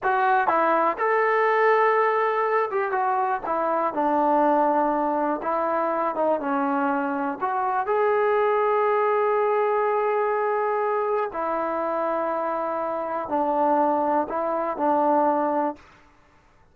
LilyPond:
\new Staff \with { instrumentName = "trombone" } { \time 4/4 \tempo 4 = 122 fis'4 e'4 a'2~ | a'4. g'8 fis'4 e'4 | d'2. e'4~ | e'8 dis'8 cis'2 fis'4 |
gis'1~ | gis'2. e'4~ | e'2. d'4~ | d'4 e'4 d'2 | }